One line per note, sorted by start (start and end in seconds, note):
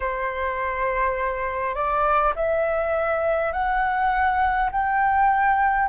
0.00 1.74 C5
1.74 2.33 D5
2.35 3.52 E5
3.52 4.70 F#5
4.71 5.88 G5